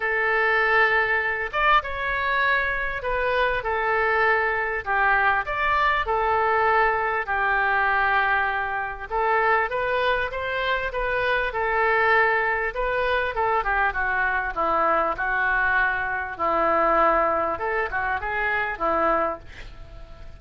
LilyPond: \new Staff \with { instrumentName = "oboe" } { \time 4/4 \tempo 4 = 99 a'2~ a'8 d''8 cis''4~ | cis''4 b'4 a'2 | g'4 d''4 a'2 | g'2. a'4 |
b'4 c''4 b'4 a'4~ | a'4 b'4 a'8 g'8 fis'4 | e'4 fis'2 e'4~ | e'4 a'8 fis'8 gis'4 e'4 | }